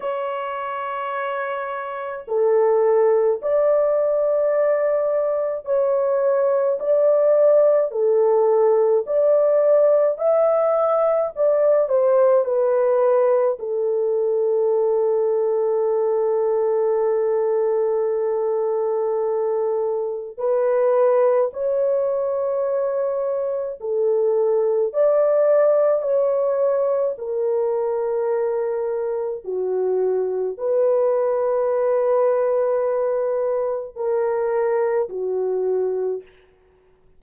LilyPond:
\new Staff \with { instrumentName = "horn" } { \time 4/4 \tempo 4 = 53 cis''2 a'4 d''4~ | d''4 cis''4 d''4 a'4 | d''4 e''4 d''8 c''8 b'4 | a'1~ |
a'2 b'4 cis''4~ | cis''4 a'4 d''4 cis''4 | ais'2 fis'4 b'4~ | b'2 ais'4 fis'4 | }